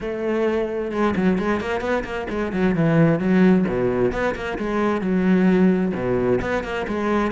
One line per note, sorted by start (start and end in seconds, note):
0.00 0.91 A3
0.91 1.14 G#3
1.16 1.38 F#3
1.38 1.60 G#3
1.60 1.80 A#3
1.80 2.03 B3
2.04 2.27 A#3
2.29 2.52 G#3
2.52 2.75 F#3
2.75 3.19 E3
3.19 3.65 F#3
3.67 4.12 B2
4.12 4.34 B3
4.35 4.58 A#3
4.58 5.01 G#3
5.01 5.92 F#3
5.94 6.40 B2
6.41 6.63 B3
6.63 6.86 A#3
6.87 7.31 G#3